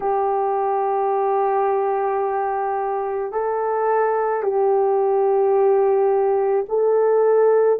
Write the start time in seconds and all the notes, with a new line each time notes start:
0.00 G4
3.31 A4
4.42 G4
6.69 A4